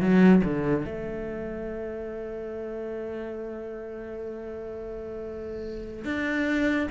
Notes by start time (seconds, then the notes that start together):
0.00 F#3
0.44 D3
0.85 A3
6.04 D4